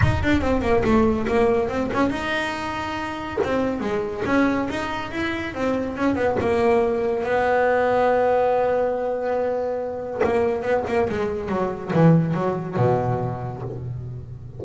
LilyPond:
\new Staff \with { instrumentName = "double bass" } { \time 4/4 \tempo 4 = 141 dis'8 d'8 c'8 ais8 a4 ais4 | c'8 cis'8 dis'2. | c'4 gis4 cis'4 dis'4 | e'4 c'4 cis'8 b8 ais4~ |
ais4 b2.~ | b1 | ais4 b8 ais8 gis4 fis4 | e4 fis4 b,2 | }